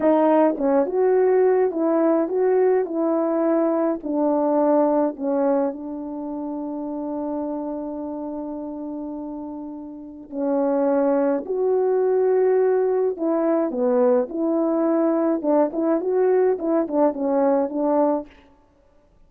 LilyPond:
\new Staff \with { instrumentName = "horn" } { \time 4/4 \tempo 4 = 105 dis'4 cis'8 fis'4. e'4 | fis'4 e'2 d'4~ | d'4 cis'4 d'2~ | d'1~ |
d'2 cis'2 | fis'2. e'4 | b4 e'2 d'8 e'8 | fis'4 e'8 d'8 cis'4 d'4 | }